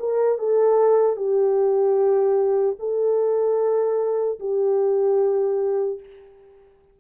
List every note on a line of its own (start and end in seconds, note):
0.00 0.39 A#4
0.39 1.17 A4
1.17 2.77 G4
2.80 4.40 A4
4.40 6.00 G4